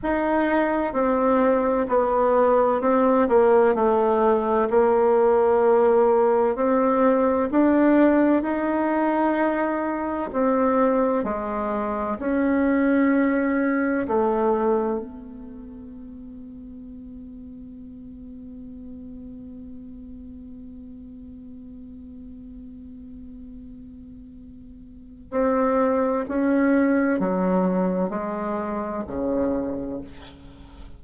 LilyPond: \new Staff \with { instrumentName = "bassoon" } { \time 4/4 \tempo 4 = 64 dis'4 c'4 b4 c'8 ais8 | a4 ais2 c'4 | d'4 dis'2 c'4 | gis4 cis'2 a4 |
b1~ | b1~ | b2. c'4 | cis'4 fis4 gis4 cis4 | }